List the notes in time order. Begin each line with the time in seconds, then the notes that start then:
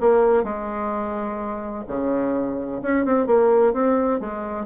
0.00 A#3
0.43 G#3
1.87 C#3
2.82 C#4
3.05 C4
3.26 A#3
3.73 C4
4.20 G#3